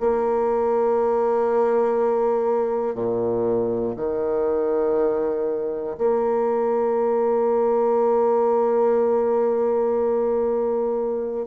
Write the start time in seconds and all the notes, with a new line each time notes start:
0.00 A#3
2.95 A#2
3.96 D#3
5.97 A#3